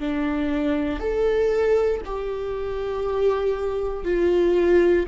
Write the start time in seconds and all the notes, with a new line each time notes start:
0.00 D4
1.00 A4
2.05 G4
4.04 F4